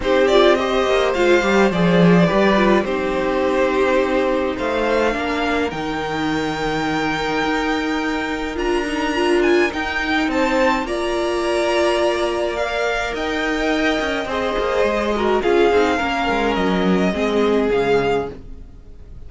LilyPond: <<
  \new Staff \with { instrumentName = "violin" } { \time 4/4 \tempo 4 = 105 c''8 d''8 dis''4 f''4 d''4~ | d''4 c''2. | f''2 g''2~ | g''2. ais''4~ |
ais''8 gis''8 g''4 a''4 ais''4~ | ais''2 f''4 g''4~ | g''4 dis''2 f''4~ | f''4 dis''2 f''4 | }
  \new Staff \with { instrumentName = "violin" } { \time 4/4 g'4 c''2. | b'4 g'2. | c''4 ais'2.~ | ais'1~ |
ais'2 c''4 d''4~ | d''2. dis''4~ | dis''4 c''4. ais'8 gis'4 | ais'2 gis'2 | }
  \new Staff \with { instrumentName = "viola" } { \time 4/4 dis'8 f'8 g'4 f'8 g'8 gis'4 | g'8 f'8 dis'2.~ | dis'4 d'4 dis'2~ | dis'2. f'8 dis'8 |
f'4 dis'2 f'4~ | f'2 ais'2~ | ais'4 gis'4. fis'8 f'8 dis'8 | cis'2 c'4 gis4 | }
  \new Staff \with { instrumentName = "cello" } { \time 4/4 c'4. ais8 gis8 g8 f4 | g4 c'2. | a4 ais4 dis2~ | dis4 dis'2 d'4~ |
d'4 dis'4 c'4 ais4~ | ais2. dis'4~ | dis'8 cis'8 c'8 ais8 gis4 cis'8 c'8 | ais8 gis8 fis4 gis4 cis4 | }
>>